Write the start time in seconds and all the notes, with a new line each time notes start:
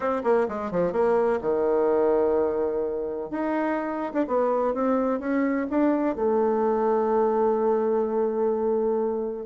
0.00 C4
0.23 A#3
0.48 G#3
0.71 F3
0.92 A#3
1.41 D#3
3.30 D#4
4.13 D4
4.27 B3
4.74 C4
5.19 C#4
5.70 D4
6.15 A3